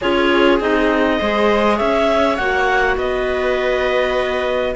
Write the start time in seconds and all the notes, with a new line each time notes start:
0.01 C#4 F4 G#4 C#5
0.60 C4 D#4 D#5
1.19 G#3 G#4 C5
1.76 C#4 C#5 E5
2.36 A#3 F#4 F#5
2.96 B3 B4 D#5